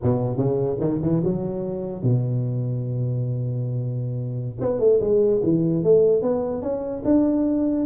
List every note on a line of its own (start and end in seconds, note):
0.02 0.37 B2
0.37 0.77 C#3
0.79 1.00 D#3
1.02 1.22 E3
1.24 2.02 F#3
2.02 4.57 B2
4.60 4.79 B3
4.79 4.99 A3
5.00 5.41 G#3
5.43 5.83 E3
5.83 6.22 A3
6.22 6.62 B3
6.62 7.03 C#4
7.04 7.86 D4